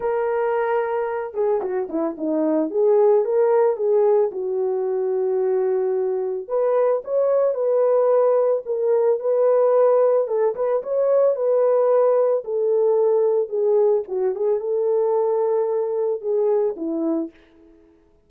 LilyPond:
\new Staff \with { instrumentName = "horn" } { \time 4/4 \tempo 4 = 111 ais'2~ ais'8 gis'8 fis'8 e'8 | dis'4 gis'4 ais'4 gis'4 | fis'1 | b'4 cis''4 b'2 |
ais'4 b'2 a'8 b'8 | cis''4 b'2 a'4~ | a'4 gis'4 fis'8 gis'8 a'4~ | a'2 gis'4 e'4 | }